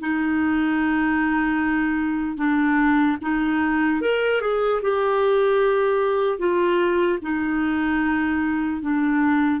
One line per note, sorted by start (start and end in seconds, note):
0.00 2.37 D#4
2.37 3.17 D4
3.21 4.01 D#4
4.01 4.41 A#4
4.41 4.81 G#4
4.82 6.38 G4
6.38 7.18 F4
7.21 8.81 D#4
8.81 9.60 D4